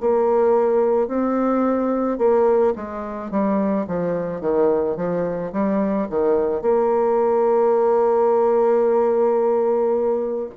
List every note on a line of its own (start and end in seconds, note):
0.00 1.08 A#3
1.08 2.18 C4
2.18 2.73 A#3
2.75 3.30 G#3
3.30 3.86 G3
3.87 4.41 F3
4.41 4.96 D#3
4.96 5.52 F3
5.53 6.08 G3
6.10 6.61 D#3
6.61 10.50 A#3